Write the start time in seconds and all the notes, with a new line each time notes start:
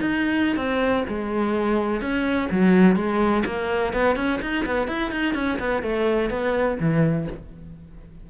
0.00 D#4
0.56 C4
1.08 G#3
2.01 C#4
2.51 F#3
2.96 G#3
3.45 A#3
3.93 B3
4.16 C#4
4.41 D#4
4.65 B3
4.87 E4
5.11 D#4
5.34 C#4
5.59 B3
5.82 A3
6.30 B3
6.79 E3